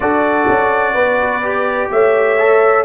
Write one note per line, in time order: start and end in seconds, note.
0.00 0.47 D4
0.00 1.42 F#4
0.00 0.93 A4
0.00 1.90 D5
0.48 0.93 C#4
0.93 1.89 B3
0.93 1.89 B4
1.43 2.38 G4
1.91 2.84 A3
1.91 2.84 C#5
1.91 2.84 E5
2.38 2.84 A4